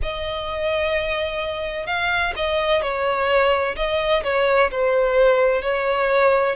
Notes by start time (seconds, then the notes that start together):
0.02 D#5
1.86 F5
2.36 D#5
2.81 C#5
3.76 D#5
4.23 C#5
4.71 C5
5.62 C#5